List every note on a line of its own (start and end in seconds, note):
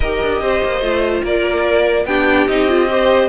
0.00 0.18 D#4
0.00 0.82 G4
0.00 0.41 A#4
0.00 1.23 D#5
0.22 0.41 D4
0.41 0.61 C4
0.41 1.23 C5
0.63 0.80 A#3
0.80 1.22 A3
0.80 2.06 F4
1.23 2.05 A#3
1.23 2.06 A#4
1.23 2.06 D5
2.05 2.46 B3
2.05 2.49 D4
2.05 2.90 G4
2.05 2.47 G5
2.47 3.28 C4
2.47 2.68 D#4
2.47 3.28 D#5
2.68 2.89 F4
2.89 3.28 G4
2.89 3.28 C5